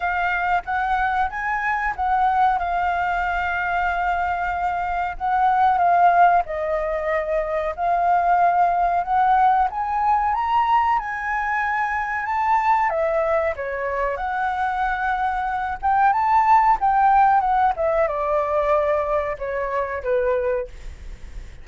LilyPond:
\new Staff \with { instrumentName = "flute" } { \time 4/4 \tempo 4 = 93 f''4 fis''4 gis''4 fis''4 | f''1 | fis''4 f''4 dis''2 | f''2 fis''4 gis''4 |
ais''4 gis''2 a''4 | e''4 cis''4 fis''2~ | fis''8 g''8 a''4 g''4 fis''8 e''8 | d''2 cis''4 b'4 | }